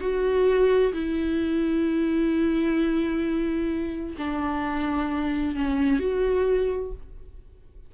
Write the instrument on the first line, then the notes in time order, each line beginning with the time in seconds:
viola
0.00 F#4
0.93 E4
4.18 D4
5.55 C#4
5.99 F#4